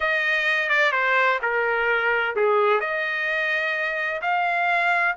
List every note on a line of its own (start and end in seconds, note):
0.00 0.69 D#5
0.69 0.92 D5
0.92 1.39 C5
1.42 2.35 A#4
2.36 2.80 G#4
2.80 4.21 D#5
4.21 5.15 F5